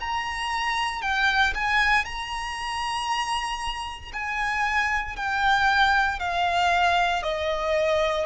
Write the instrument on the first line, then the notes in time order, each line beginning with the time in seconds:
violin
0.00 A#5
1.02 G5
1.54 G#5
2.05 A#5
4.13 G#5
5.16 G5
6.19 F5
7.22 D#5